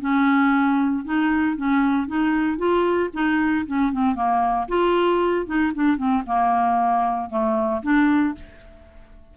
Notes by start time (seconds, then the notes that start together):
0.00 C#4
1.04 D#4
1.57 C#4
2.07 D#4
2.58 F4
3.13 D#4
3.66 C#4
3.92 C4
4.15 A#3
4.68 F4
5.46 D#4
5.74 D4
5.97 C4
6.26 A#3
7.29 A3
7.82 D4